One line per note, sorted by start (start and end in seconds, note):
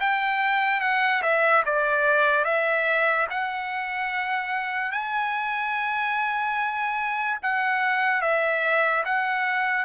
0.00 0.80 G5
0.80 1.21 F#5
1.22 1.63 E5
1.65 2.44 D5
2.44 3.27 E5
3.30 4.91 F#5
4.91 7.38 G#5
7.42 8.21 F#5
8.21 9.03 E5
9.04 9.85 F#5